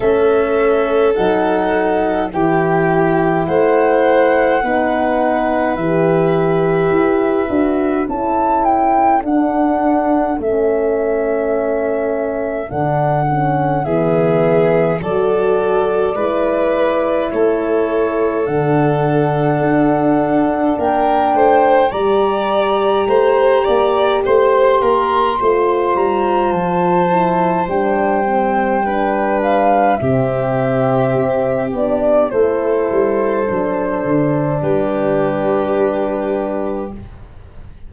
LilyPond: <<
  \new Staff \with { instrumentName = "flute" } { \time 4/4 \tempo 4 = 52 e''4 fis''4 g''4 fis''4~ | fis''4 e''2 a''8 g''8 | fis''4 e''2 fis''4 | e''4 d''2 cis''4 |
fis''2 g''4 ais''4~ | ais''4 c'''4. ais''8 a''4 | g''4. f''8 e''4. d''8 | c''2 b'2 | }
  \new Staff \with { instrumentName = "violin" } { \time 4/4 a'2 g'4 c''4 | b'2. a'4~ | a'1 | gis'4 a'4 b'4 a'4~ |
a'2 ais'8 c''8 d''4 | c''8 d''8 c''8 ais'8 c''2~ | c''4 b'4 g'2 | a'2 g'2 | }
  \new Staff \with { instrumentName = "horn" } { \time 4/4 cis'4 dis'4 e'2 | dis'4 g'4. fis'8 e'4 | d'4 cis'2 d'8 cis'8 | b4 fis'4 e'2 |
d'2. g'4~ | g'2 f'4. e'8 | d'8 c'8 d'4 c'4. d'8 | e'4 d'2. | }
  \new Staff \with { instrumentName = "tuba" } { \time 4/4 a4 fis4 e4 a4 | b4 e4 e'8 d'8 cis'4 | d'4 a2 d4 | e4 fis4 gis4 a4 |
d4 d'4 ais8 a8 g4 | a8 ais8 a8 ais8 a8 g8 f4 | g2 c4 c'8 b8 | a8 g8 fis8 d8 g2 | }
>>